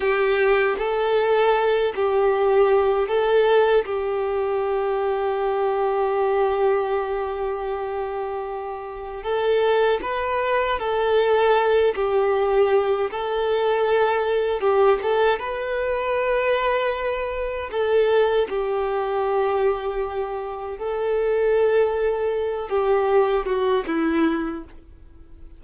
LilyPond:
\new Staff \with { instrumentName = "violin" } { \time 4/4 \tempo 4 = 78 g'4 a'4. g'4. | a'4 g'2.~ | g'1 | a'4 b'4 a'4. g'8~ |
g'4 a'2 g'8 a'8 | b'2. a'4 | g'2. a'4~ | a'4. g'4 fis'8 e'4 | }